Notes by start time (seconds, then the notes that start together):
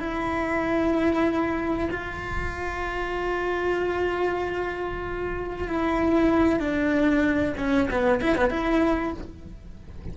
0.00 E4
1.91 F4
5.68 E4
6.60 D4
7.58 C#4
7.91 B3
8.21 E4
8.36 B3
8.50 E4